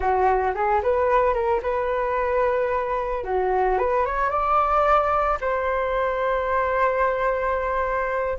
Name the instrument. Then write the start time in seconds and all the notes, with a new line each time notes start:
flute
0.00 F#4
0.54 G#4
0.82 B4
1.34 A#4
1.62 B4
3.24 F#4
3.78 B4
4.05 C#5
4.29 D5
5.41 C5